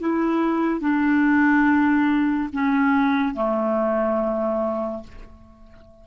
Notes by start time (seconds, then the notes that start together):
0.00 E4
0.81 D4
2.54 C#4
3.35 A3